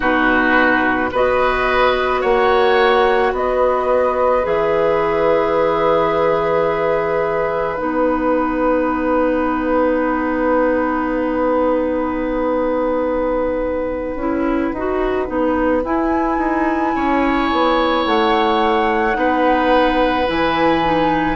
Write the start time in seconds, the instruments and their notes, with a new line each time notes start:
0.00 bassoon B2, clarinet D#4, oboe F#4, flute B4
1.11 bassoon B3, clarinet F#4, oboe B4, flute D#5
2.21 bassoon A#3, oboe C#5, flute F#5
3.32 bassoon B3, oboe B4, flute D#5
4.42 bassoon E3, clarinet G#4, flute E5
7.77 bassoon B3, clarinet D#4, flute F#5
14.15 bassoon C#4, clarinet E4
14.73 bassoon D#4, clarinet F#4
15.26 bassoon B3, clarinet D#4
15.84 bassoon E4, clarinet E4, flute G#5
16.37 bassoon D#4
16.95 bassoon C#4, oboe C#5
17.52 bassoon B3
18.05 bassoon A3, flute F#5
19.13 bassoon B3, clarinet D#4, oboe B4
20.26 bassoon E3, clarinet E4, flute G#5
20.83 clarinet D#4